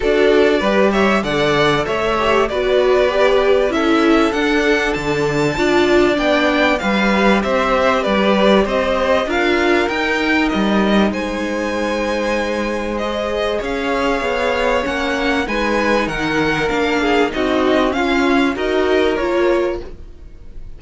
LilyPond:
<<
  \new Staff \with { instrumentName = "violin" } { \time 4/4 \tempo 4 = 97 d''4. e''8 fis''4 e''4 | d''2 e''4 fis''4 | a''2 g''4 f''4 | e''4 d''4 dis''4 f''4 |
g''4 dis''4 gis''2~ | gis''4 dis''4 f''2 | fis''4 gis''4 fis''4 f''4 | dis''4 f''4 dis''4 cis''4 | }
  \new Staff \with { instrumentName = "violin" } { \time 4/4 a'4 b'8 cis''8 d''4 cis''4 | b'2 a'2~ | a'4 d''2 b'4 | c''4 b'4 c''4 ais'4~ |
ais'2 c''2~ | c''2 cis''2~ | cis''4 b'4 ais'4. gis'8 | fis'4 f'4 ais'2 | }
  \new Staff \with { instrumentName = "viola" } { \time 4/4 fis'4 g'4 a'4. g'8 | fis'4 g'4 e'4 d'4~ | d'4 f'4 d'4 g'4~ | g'2. f'4 |
dis'1~ | dis'4 gis'2. | cis'4 dis'2 d'4 | dis'4 cis'4 fis'4 f'4 | }
  \new Staff \with { instrumentName = "cello" } { \time 4/4 d'4 g4 d4 a4 | b2 cis'4 d'4 | d4 d'4 b4 g4 | c'4 g4 c'4 d'4 |
dis'4 g4 gis2~ | gis2 cis'4 b4 | ais4 gis4 dis4 ais4 | c'4 cis'4 dis'4 ais4 | }
>>